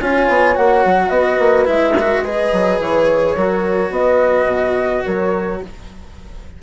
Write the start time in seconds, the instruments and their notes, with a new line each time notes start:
0.00 bassoon C#4, cello F4, horn C#5, flute G#5
0.28 bassoon B3
0.55 bassoon A#3, cello F#4, flute F#5
0.86 bassoon F#3
1.10 bassoon B3, horn B4, flute D#5
1.39 bassoon A#3
1.66 bassoon G#3, cello E4, flute E5
1.94 horn A#4
2.01 cello F#4
2.24 cello G#4, horn B4, flute D#5
2.53 bassoon F#3
2.80 bassoon E3, flute C#5
3.36 bassoon F#3, cello F#4, horn A#4
3.91 bassoon B3, horn B4, flute D#5
4.46 bassoon B2
5.05 bassoon F#3, horn A#4, flute C#5